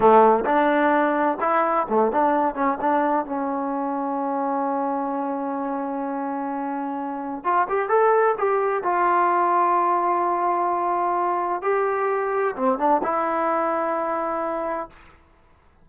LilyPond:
\new Staff \with { instrumentName = "trombone" } { \time 4/4 \tempo 4 = 129 a4 d'2 e'4 | a8 d'4 cis'8 d'4 cis'4~ | cis'1~ | cis'1 |
f'8 g'8 a'4 g'4 f'4~ | f'1~ | f'4 g'2 c'8 d'8 | e'1 | }